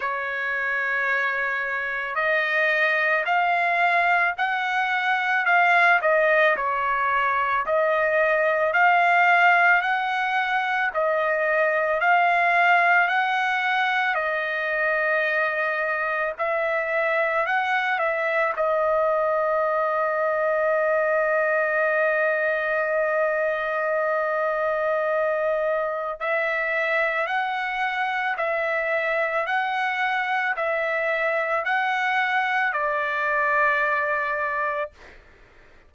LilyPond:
\new Staff \with { instrumentName = "trumpet" } { \time 4/4 \tempo 4 = 55 cis''2 dis''4 f''4 | fis''4 f''8 dis''8 cis''4 dis''4 | f''4 fis''4 dis''4 f''4 | fis''4 dis''2 e''4 |
fis''8 e''8 dis''2.~ | dis''1 | e''4 fis''4 e''4 fis''4 | e''4 fis''4 d''2 | }